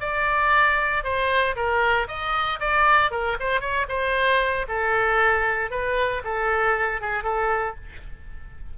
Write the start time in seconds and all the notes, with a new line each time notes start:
0.00 D5
1.04 C5
1.55 A#4
2.07 D#5
2.60 D5
3.11 A#4
3.40 C5
3.60 C#5
3.88 C5
4.68 A4
5.70 B4
6.24 A4
7.01 G#4
7.23 A4